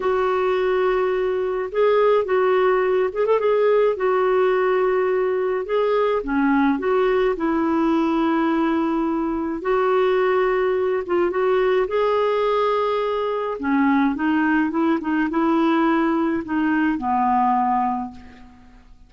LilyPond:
\new Staff \with { instrumentName = "clarinet" } { \time 4/4 \tempo 4 = 106 fis'2. gis'4 | fis'4. gis'16 a'16 gis'4 fis'4~ | fis'2 gis'4 cis'4 | fis'4 e'2.~ |
e'4 fis'2~ fis'8 f'8 | fis'4 gis'2. | cis'4 dis'4 e'8 dis'8 e'4~ | e'4 dis'4 b2 | }